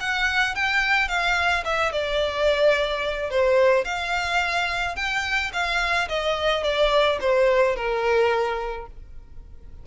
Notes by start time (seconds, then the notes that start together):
0.00 F#5
0.55 G5
1.08 F5
1.64 E5
1.92 D5
3.30 C5
3.84 F5
4.95 G5
5.53 F5
6.08 D#5
6.63 D5
7.20 C5
7.75 A#4